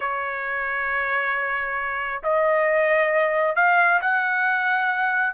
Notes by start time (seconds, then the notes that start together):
0.00 C#5
2.23 D#5
3.55 F5
4.01 F#5